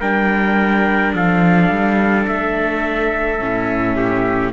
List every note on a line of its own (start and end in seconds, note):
0.00 1.13 G3
0.00 3.39 D4
0.00 1.13 A#4
0.00 1.14 G5
1.13 1.70 F3
1.13 3.96 A4
1.13 2.27 F5
1.70 2.26 G3
2.27 3.40 A3
2.27 4.52 E5
3.39 4.52 A2
3.39 4.52 C#4
3.96 4.52 G4